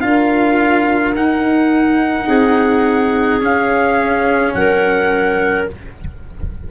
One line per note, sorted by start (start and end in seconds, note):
0.00 1.15 D4
0.00 1.14 F4
0.00 2.27 A#4
0.00 1.13 F5
1.15 2.27 D#4
1.15 3.40 D#4
1.15 3.42 F#5
2.27 3.40 C4
2.27 4.53 G#4
3.40 5.66 C#4
3.40 4.54 C#4
3.40 4.54 F5
4.54 5.67 F#3
4.54 5.70 A#4
4.54 5.67 F#5